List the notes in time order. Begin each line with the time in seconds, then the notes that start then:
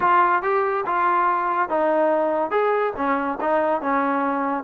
0.00 F4
0.42 G4
0.86 F4
1.69 D#4
2.50 G#4
2.96 C#4
3.40 D#4
3.81 C#4